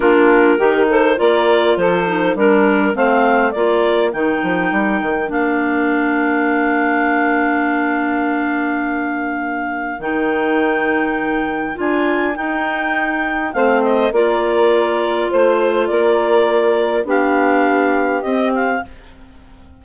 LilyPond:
<<
  \new Staff \with { instrumentName = "clarinet" } { \time 4/4 \tempo 4 = 102 ais'4. c''8 d''4 c''4 | ais'4 f''4 d''4 g''4~ | g''4 f''2.~ | f''1~ |
f''4 g''2. | gis''4 g''2 f''8 dis''8 | d''2 c''4 d''4~ | d''4 f''2 dis''8 f''8 | }
  \new Staff \with { instrumentName = "saxophone" } { \time 4/4 f'4 g'8 a'8 ais'4 a'4 | ais'4 c''4 ais'2~ | ais'1~ | ais'1~ |
ais'1~ | ais'2. c''4 | ais'2 c''4 ais'4~ | ais'4 g'2. | }
  \new Staff \with { instrumentName = "clarinet" } { \time 4/4 d'4 dis'4 f'4. dis'8 | d'4 c'4 f'4 dis'4~ | dis'4 d'2.~ | d'1~ |
d'4 dis'2. | f'4 dis'2 c'4 | f'1~ | f'4 d'2 c'4 | }
  \new Staff \with { instrumentName = "bassoon" } { \time 4/4 ais4 dis4 ais4 f4 | g4 a4 ais4 dis8 f8 | g8 dis8 ais2.~ | ais1~ |
ais4 dis2. | d'4 dis'2 a4 | ais2 a4 ais4~ | ais4 b2 c'4 | }
>>